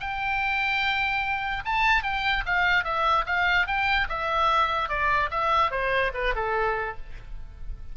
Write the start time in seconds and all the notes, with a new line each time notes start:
0.00 G5
1.65 A5
2.03 G5
2.46 F5
2.84 E5
3.26 F5
3.67 G5
4.09 E5
4.89 D5
5.31 E5
5.71 C5
6.14 B4
6.35 A4